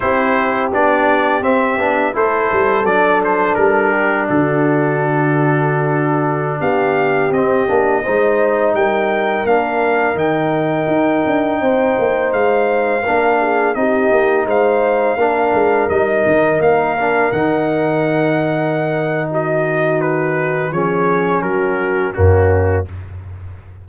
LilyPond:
<<
  \new Staff \with { instrumentName = "trumpet" } { \time 4/4 \tempo 4 = 84 c''4 d''4 e''4 c''4 | d''8 c''8 ais'4 a'2~ | a'4~ a'16 f''4 dis''4.~ dis''16~ | dis''16 g''4 f''4 g''4.~ g''16~ |
g''4~ g''16 f''2 dis''8.~ | dis''16 f''2 dis''4 f''8.~ | f''16 fis''2~ fis''8. dis''4 | b'4 cis''4 ais'4 fis'4 | }
  \new Staff \with { instrumentName = "horn" } { \time 4/4 g'2. a'4~ | a'4. g'8 fis'2~ | fis'4~ fis'16 g'2 c''8.~ | c''16 ais'2.~ ais'8.~ |
ais'16 c''2 ais'8 gis'8 g'8.~ | g'16 c''4 ais'2~ ais'8.~ | ais'2. fis'4~ | fis'4 gis'4 fis'4 cis'4 | }
  \new Staff \with { instrumentName = "trombone" } { \time 4/4 e'4 d'4 c'8 d'8 e'4 | d'1~ | d'2~ d'16 c'8 d'8 dis'8.~ | dis'4~ dis'16 d'4 dis'4.~ dis'16~ |
dis'2~ dis'16 d'4 dis'8.~ | dis'4~ dis'16 d'4 dis'4. d'16~ | d'16 dis'2.~ dis'8.~ | dis'4 cis'2 ais4 | }
  \new Staff \with { instrumentName = "tuba" } { \time 4/4 c'4 b4 c'8 b8 a8 g8 | fis4 g4 d2~ | d4~ d16 b4 c'8 ais8 gis8.~ | gis16 g4 ais4 dis4 dis'8 d'16~ |
d'16 c'8 ais8 gis4 ais4 c'8 ais16~ | ais16 gis4 ais8 gis8 g8 dis8 ais8.~ | ais16 dis2.~ dis8.~ | dis4 f4 fis4 fis,4 | }
>>